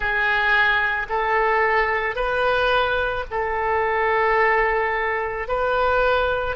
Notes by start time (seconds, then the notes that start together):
0.00 G#4
1.09 A4
2.15 B4
3.30 A4
5.47 B4